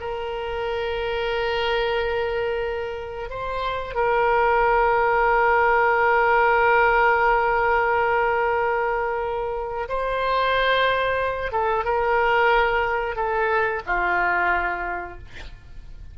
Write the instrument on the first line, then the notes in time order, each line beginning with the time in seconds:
oboe
0.00 A#4
3.30 C5
3.94 A#4
9.88 C5
11.52 A4
11.84 A#4
13.16 A4
13.86 F4